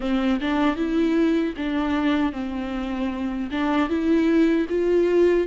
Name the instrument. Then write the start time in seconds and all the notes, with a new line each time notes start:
viola
0.00 C4
0.41 D4
0.75 E4
1.56 D4
2.32 C4
3.51 D4
3.89 E4
4.69 F4